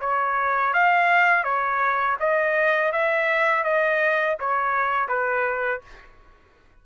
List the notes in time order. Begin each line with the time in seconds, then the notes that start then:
0.00 C#5
0.74 F5
1.44 C#5
2.20 D#5
2.92 E5
3.64 D#5
4.40 C#5
5.08 B4